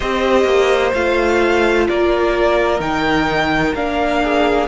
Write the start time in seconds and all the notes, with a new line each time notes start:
0.00 C4 G4 C5 D#5
0.44 A#3
0.94 A3 F4 F5
1.88 A#3 A#4 D5
2.79 D#3 D#4 G5
3.74 A#3 D4 F5
4.22 G#4